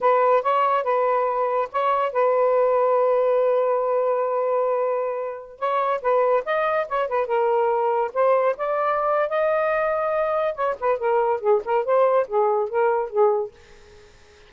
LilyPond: \new Staff \with { instrumentName = "saxophone" } { \time 4/4 \tempo 4 = 142 b'4 cis''4 b'2 | cis''4 b'2.~ | b'1~ | b'4~ b'16 cis''4 b'4 dis''8.~ |
dis''16 cis''8 b'8 ais'2 c''8.~ | c''16 d''4.~ d''16 dis''2~ | dis''4 cis''8 b'8 ais'4 gis'8 ais'8 | c''4 gis'4 ais'4 gis'4 | }